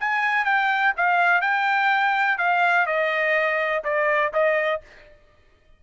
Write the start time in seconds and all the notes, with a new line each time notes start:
0.00 G#5
0.45 G5
0.97 F5
1.41 G5
2.38 F5
2.87 D#5
3.84 D5
4.33 D#5